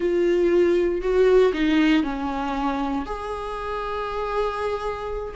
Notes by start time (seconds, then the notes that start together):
0.00 F4
1.01 F#4
1.53 D#4
2.03 C#4
3.05 G#4